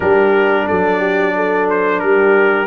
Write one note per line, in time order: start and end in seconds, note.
0.00 0.67 G3
0.00 2.67 D4
0.00 0.67 G4
0.00 0.67 A#4
0.67 2.02 F#3
0.67 0.99 A4
0.67 1.68 D5
0.99 1.32 G4
1.35 2.03 A4
1.69 1.99 C5
1.99 2.67 G3
1.99 2.67 G4
1.99 2.67 A#4